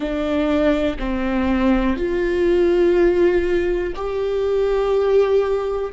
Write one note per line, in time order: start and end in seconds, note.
0.00 0.97 D4
0.98 1.96 C4
1.96 3.93 F4
3.95 5.92 G4